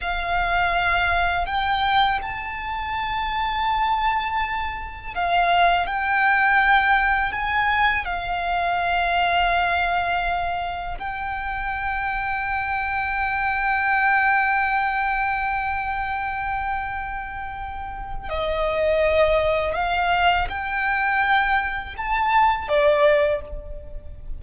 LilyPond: \new Staff \with { instrumentName = "violin" } { \time 4/4 \tempo 4 = 82 f''2 g''4 a''4~ | a''2. f''4 | g''2 gis''4 f''4~ | f''2. g''4~ |
g''1~ | g''1~ | g''4 dis''2 f''4 | g''2 a''4 d''4 | }